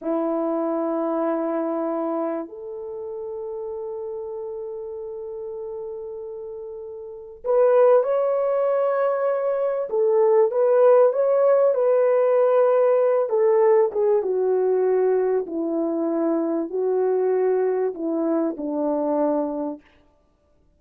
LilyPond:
\new Staff \with { instrumentName = "horn" } { \time 4/4 \tempo 4 = 97 e'1 | a'1~ | a'1 | b'4 cis''2. |
a'4 b'4 cis''4 b'4~ | b'4. a'4 gis'8 fis'4~ | fis'4 e'2 fis'4~ | fis'4 e'4 d'2 | }